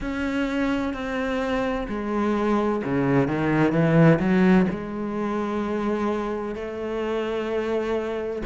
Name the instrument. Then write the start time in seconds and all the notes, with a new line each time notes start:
cello
0.00 C#4
0.93 C4
1.88 G#3
2.84 C#3
3.27 D#3
3.72 E3
4.19 F#3
4.70 G#3
6.55 A3